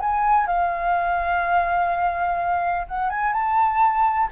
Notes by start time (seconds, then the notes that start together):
0.00 G#5
0.47 F5
2.88 F#5
3.10 G#5
3.33 A5